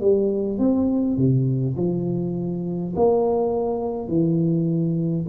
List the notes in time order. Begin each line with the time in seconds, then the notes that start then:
0.00 G3
0.58 C4
1.17 C3
1.76 F3
2.96 A#3
4.07 E3